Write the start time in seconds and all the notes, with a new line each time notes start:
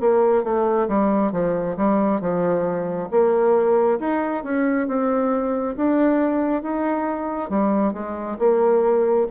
0.00 A#3
0.44 A3
0.88 G3
1.32 F3
1.77 G3
2.21 F3
3.11 A#3
3.99 D#4
4.44 C#4
4.88 C4
5.76 D4
6.63 D#4
7.50 G3
7.93 G#3
8.39 A#3